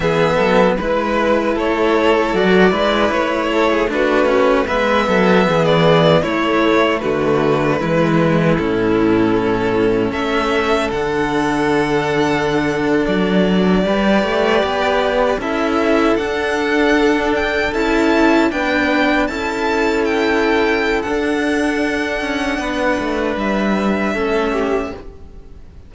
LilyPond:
<<
  \new Staff \with { instrumentName = "violin" } { \time 4/4 \tempo 4 = 77 e''4 b'4 cis''4 d''4 | cis''4 b'4 e''4~ e''16 d''8. | cis''4 b'2 a'4~ | a'4 e''4 fis''2~ |
fis''8. d''2. e''16~ | e''8. fis''4. g''8 a''4 g''16~ | g''8. a''4 g''4~ g''16 fis''4~ | fis''2 e''2 | }
  \new Staff \with { instrumentName = "violin" } { \time 4/4 gis'8 a'8 b'4 a'4. b'8~ | b'8 a'16 gis'16 fis'4 b'8 a'8 gis'4 | e'4 fis'4 e'2~ | e'4 a'2.~ |
a'4.~ a'16 b'2 a'16~ | a'2.~ a'8. b'16~ | b'8. a'2.~ a'16~ | a'4 b'2 a'8 g'8 | }
  \new Staff \with { instrumentName = "cello" } { \time 4/4 b4 e'2 fis'8 e'8~ | e'4 d'8 cis'8 b2 | a2 gis4 cis'4~ | cis'2 d'2~ |
d'4.~ d'16 g'2 e'16~ | e'8. d'2 e'4 d'16~ | d'8. e'2~ e'16 d'4~ | d'2. cis'4 | }
  \new Staff \with { instrumentName = "cello" } { \time 4/4 e8 fis8 gis4 a4 fis8 gis8 | a2 gis8 fis8 e4 | a4 d4 e4 a,4~ | a,4 a4 d2~ |
d8. fis4 g8 a8 b4 cis'16~ | cis'8. d'2 cis'4 b16~ | b8. cis'2~ cis'16 d'4~ | d'8 cis'8 b8 a8 g4 a4 | }
>>